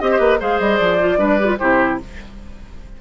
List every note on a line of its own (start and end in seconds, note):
0.00 0.20 C4
0.00 0.40 G4
0.00 0.40 D#5
0.00 0.11 D#5
0.11 0.20 C5
0.20 0.40 A#3
0.20 0.40 B4
0.40 0.60 G#3
0.40 1.00 G#4
0.40 1.19 C5
0.40 0.59 F5
0.59 0.80 G3
0.59 0.77 D#5
0.77 1.18 F3
0.77 1.57 D5
1.00 1.19 F4
1.18 1.58 G3
1.18 1.39 D4
1.18 1.59 B4
1.40 1.46 G4
1.46 1.56 F4
1.59 2.01 C3
1.59 2.01 E4
1.59 1.99 G4
1.59 1.99 C5